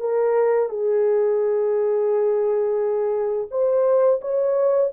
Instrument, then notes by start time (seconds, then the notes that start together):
horn
0.00 A#4
0.69 G#4
3.51 C5
4.21 C#5